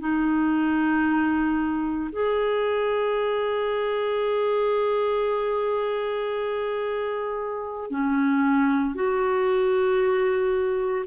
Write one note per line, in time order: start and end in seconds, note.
0.00 2.11 D#4
2.12 7.90 G#4
7.90 8.95 C#4
8.95 11.06 F#4